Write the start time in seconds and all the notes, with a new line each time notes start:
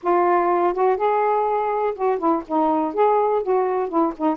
0.02 F4
0.73 F#4
0.96 G#4
1.94 F#4
2.18 E4
2.47 D#4
2.94 G#4
3.42 F#4
3.88 E4
4.17 D#4